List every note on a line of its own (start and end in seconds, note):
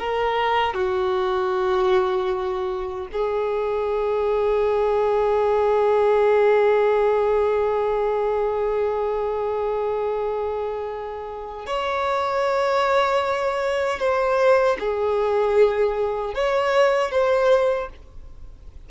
0.00 0.74 A#4
0.74 3.08 F#4
3.13 11.67 G#4
11.67 14.00 C#5
14.00 14.78 C5
14.80 16.35 G#4
16.35 17.12 C#5
17.12 17.90 C5